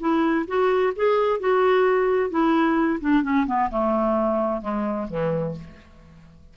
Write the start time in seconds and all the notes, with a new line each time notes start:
0.00 E4
0.48 F#4
0.96 G#4
1.40 F#4
2.30 E4
3.01 D4
3.23 C#4
3.47 B3
3.71 A3
4.62 G#3
5.09 E3